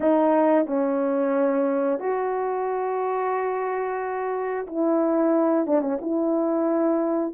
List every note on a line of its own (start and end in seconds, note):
0.00 0.66 D#4
0.66 1.99 C#4
1.99 4.66 F#4
4.66 5.66 E4
5.66 5.81 D4
5.81 5.98 C#4
6.01 7.34 E4